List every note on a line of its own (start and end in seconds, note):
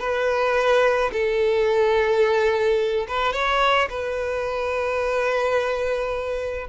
0.00 1.11 B4
1.13 3.07 A4
3.08 3.33 B4
3.33 3.89 C#5
3.90 6.68 B4